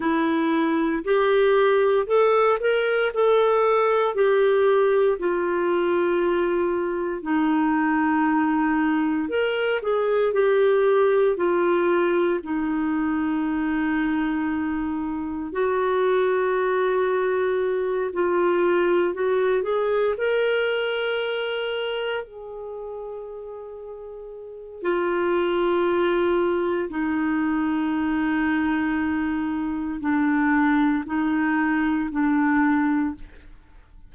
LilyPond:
\new Staff \with { instrumentName = "clarinet" } { \time 4/4 \tempo 4 = 58 e'4 g'4 a'8 ais'8 a'4 | g'4 f'2 dis'4~ | dis'4 ais'8 gis'8 g'4 f'4 | dis'2. fis'4~ |
fis'4. f'4 fis'8 gis'8 ais'8~ | ais'4. gis'2~ gis'8 | f'2 dis'2~ | dis'4 d'4 dis'4 d'4 | }